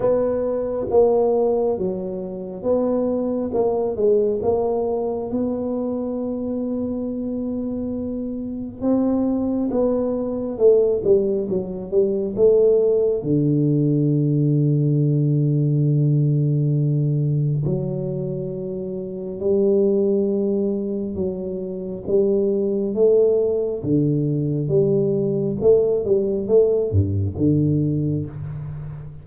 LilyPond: \new Staff \with { instrumentName = "tuba" } { \time 4/4 \tempo 4 = 68 b4 ais4 fis4 b4 | ais8 gis8 ais4 b2~ | b2 c'4 b4 | a8 g8 fis8 g8 a4 d4~ |
d1 | fis2 g2 | fis4 g4 a4 d4 | g4 a8 g8 a8 g,8 d4 | }